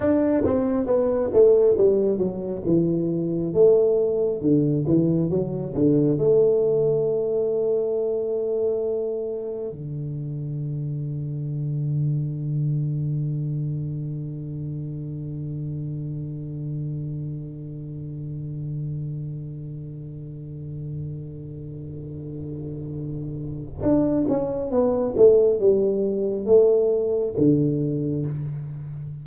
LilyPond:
\new Staff \with { instrumentName = "tuba" } { \time 4/4 \tempo 4 = 68 d'8 c'8 b8 a8 g8 fis8 e4 | a4 d8 e8 fis8 d8 a4~ | a2. d4~ | d1~ |
d1~ | d1~ | d2. d'8 cis'8 | b8 a8 g4 a4 d4 | }